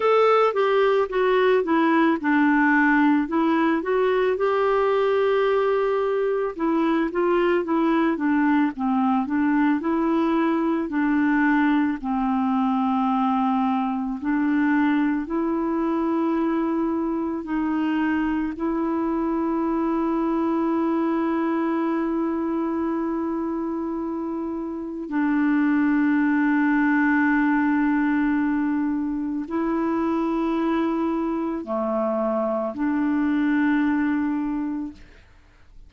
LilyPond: \new Staff \with { instrumentName = "clarinet" } { \time 4/4 \tempo 4 = 55 a'8 g'8 fis'8 e'8 d'4 e'8 fis'8 | g'2 e'8 f'8 e'8 d'8 | c'8 d'8 e'4 d'4 c'4~ | c'4 d'4 e'2 |
dis'4 e'2.~ | e'2. d'4~ | d'2. e'4~ | e'4 a4 d'2 | }